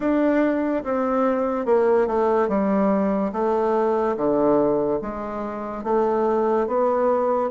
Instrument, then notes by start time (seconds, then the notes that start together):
bassoon
0.00 D4
0.84 C4
1.65 A#3
2.07 A3
2.48 G3
3.32 A3
4.16 D3
5.02 G#3
5.83 A3
6.67 B3